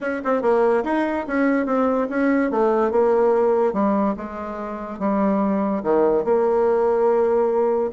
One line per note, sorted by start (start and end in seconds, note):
0.01 0.21 C#4
0.24 0.42 C4
0.42 0.83 A#3
0.84 1.25 D#4
1.27 1.66 C#4
1.66 2.07 C4
2.09 2.50 C#4
2.50 2.91 A3
2.91 3.73 A#3
3.73 4.15 G3
4.16 4.99 G#3
4.99 5.82 G3
5.83 6.24 D#3
6.24 7.91 A#3